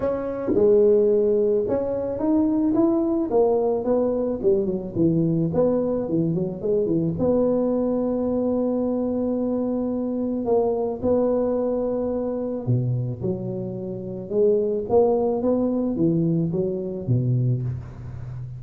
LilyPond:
\new Staff \with { instrumentName = "tuba" } { \time 4/4 \tempo 4 = 109 cis'4 gis2 cis'4 | dis'4 e'4 ais4 b4 | g8 fis8 e4 b4 e8 fis8 | gis8 e8 b2.~ |
b2. ais4 | b2. b,4 | fis2 gis4 ais4 | b4 e4 fis4 b,4 | }